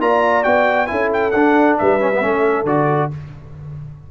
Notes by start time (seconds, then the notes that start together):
0.00 A#3 F4 D5 A#5
0.44 B3 F#4 G5
0.87 C#4 E4 A4 G#5
1.14 G5
1.32 D4 F#5
1.78 G3 B4 E5
2.01 C#4
2.14 B3
2.22 A3 C#4 A4
2.64 D3 F#4 D5